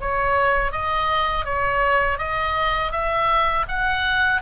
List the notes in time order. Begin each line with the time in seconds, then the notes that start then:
0.00 C#5
0.71 D#5
1.44 C#5
2.18 D#5
2.92 E5
3.68 F#5